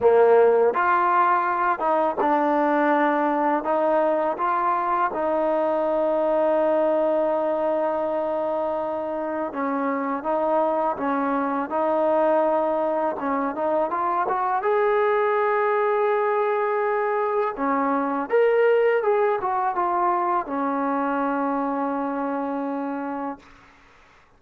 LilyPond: \new Staff \with { instrumentName = "trombone" } { \time 4/4 \tempo 4 = 82 ais4 f'4. dis'8 d'4~ | d'4 dis'4 f'4 dis'4~ | dis'1~ | dis'4 cis'4 dis'4 cis'4 |
dis'2 cis'8 dis'8 f'8 fis'8 | gis'1 | cis'4 ais'4 gis'8 fis'8 f'4 | cis'1 | }